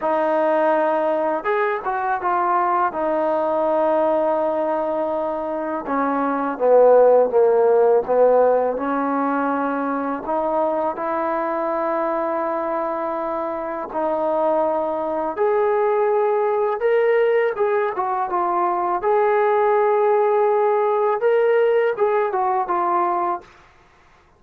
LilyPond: \new Staff \with { instrumentName = "trombone" } { \time 4/4 \tempo 4 = 82 dis'2 gis'8 fis'8 f'4 | dis'1 | cis'4 b4 ais4 b4 | cis'2 dis'4 e'4~ |
e'2. dis'4~ | dis'4 gis'2 ais'4 | gis'8 fis'8 f'4 gis'2~ | gis'4 ais'4 gis'8 fis'8 f'4 | }